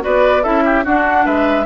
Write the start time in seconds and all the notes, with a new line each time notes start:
0.00 B3 F#4 B4 D5
0.43 C#4 E4 A4 E5
0.65 G4
0.84 D4 F#4 F#5
1.25 G#3 B4 E5